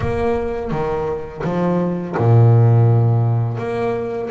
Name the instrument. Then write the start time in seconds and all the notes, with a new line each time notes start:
double bass
0.00 A#3
0.71 D#3
1.44 F3
2.17 A#2
3.57 A#3